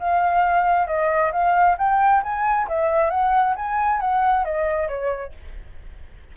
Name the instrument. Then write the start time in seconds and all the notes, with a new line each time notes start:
flute
0.00 F5
0.87 D#5
1.33 F5
1.79 G5
2.23 G#5
2.69 E5
3.11 F#5
3.56 G#5
4.01 F#5
4.45 D#5
4.89 C#5